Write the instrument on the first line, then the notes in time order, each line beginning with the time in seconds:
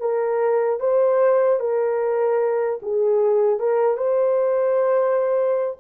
horn
0.00 A#4
0.80 C5
1.60 A#4
2.82 G#4
3.60 A#4
3.97 C5